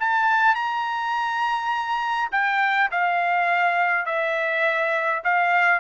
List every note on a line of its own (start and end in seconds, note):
0.00 0.55 A5
0.55 2.30 A#5
2.32 2.90 G5
2.91 4.06 F5
4.06 5.22 E5
5.24 5.80 F5